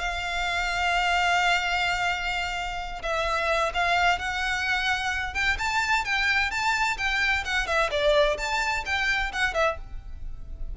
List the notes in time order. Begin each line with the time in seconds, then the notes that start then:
0.00 F5
3.03 E5
3.74 F5
4.19 F#5
5.34 G5
5.59 A5
6.05 G5
6.51 A5
6.98 G5
7.45 F#5
7.67 E5
7.91 D5
8.38 A5
8.86 G5
9.33 F#5
9.54 E5